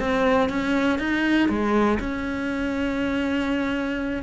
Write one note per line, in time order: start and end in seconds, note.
0.00 0.50 C4
0.50 0.99 C#4
0.99 1.49 D#4
1.49 1.99 G#3
2.00 4.23 C#4